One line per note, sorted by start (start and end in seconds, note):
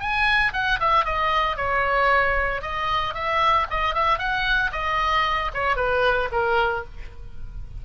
0.00 0.53 G#5
0.53 0.80 F#5
0.80 1.05 E5
1.05 1.57 D#5
1.57 2.62 C#5
2.62 3.14 D#5
3.14 3.67 E5
3.70 3.95 D#5
3.95 4.19 E5
4.19 4.71 F#5
4.72 5.51 D#5
5.54 5.77 C#5
5.77 6.29 B4
6.32 6.85 A#4